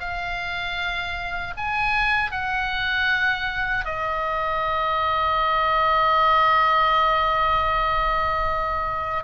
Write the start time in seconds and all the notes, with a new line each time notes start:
0.00 F5
1.57 G#5
2.31 F#5
3.85 D#5